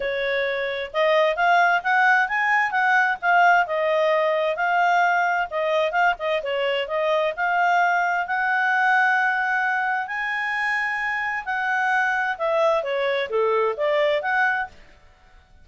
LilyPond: \new Staff \with { instrumentName = "clarinet" } { \time 4/4 \tempo 4 = 131 cis''2 dis''4 f''4 | fis''4 gis''4 fis''4 f''4 | dis''2 f''2 | dis''4 f''8 dis''8 cis''4 dis''4 |
f''2 fis''2~ | fis''2 gis''2~ | gis''4 fis''2 e''4 | cis''4 a'4 d''4 fis''4 | }